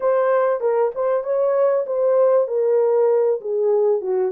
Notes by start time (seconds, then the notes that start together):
0.00 C5
0.60 A#4
0.94 C5
1.23 C#5
1.86 C5
2.47 A#4
3.40 G#4
4.01 F#4